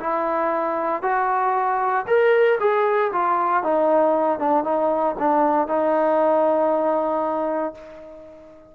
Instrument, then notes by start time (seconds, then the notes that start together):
trombone
0.00 E4
1.03 F#4
2.07 A#4
2.60 G#4
3.13 F4
3.63 D#4
4.39 D4
4.64 D#4
5.19 D4
5.68 D#4